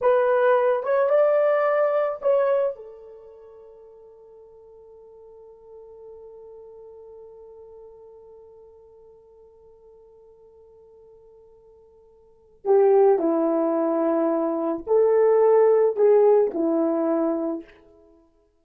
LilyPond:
\new Staff \with { instrumentName = "horn" } { \time 4/4 \tempo 4 = 109 b'4. cis''8 d''2 | cis''4 a'2.~ | a'1~ | a'1~ |
a'1~ | a'2. g'4 | e'2. a'4~ | a'4 gis'4 e'2 | }